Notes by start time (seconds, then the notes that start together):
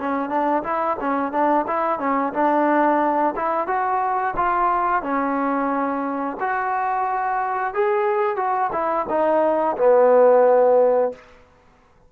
0.00 C#4
0.29 D4
0.63 E4
1.00 C#4
1.32 D4
1.67 E4
1.99 C#4
2.34 D4
3.36 E4
3.67 F#4
4.36 F4
5.03 C#4
6.40 F#4
7.74 G#4
8.37 F#4
8.72 E4
9.09 D#4
9.77 B3